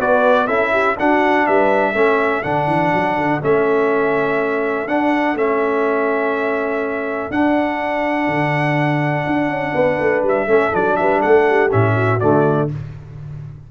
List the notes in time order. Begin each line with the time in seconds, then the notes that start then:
0.00 B3 F#4 B4 D5
0.47 C#4 E4 A4 E5
0.73 G4
0.99 D4 F#4 F#5
1.47 G3 B4 E5
1.94 A3 C#4 A4
2.43 D3 D4 F#5
2.67 E3
2.94 F#3
3.17 D3
3.41 A3 C#4 E5
4.88 D4 F#5
5.35 A3 C#4 E5
7.31 D4 F#5
8.28 D3
9.27 D4
9.50 C#4
9.74 B3 B4
10.00 A3
10.23 G3 E5
10.47 A3 C#4 A4
10.72 F#3 D4 D5
10.97 G3 B4 E5
11.21 A3 A4 F#5
11.49 G4
11.71 A2 C#4 E5
11.95 F#4
12.20 D3 A3 D5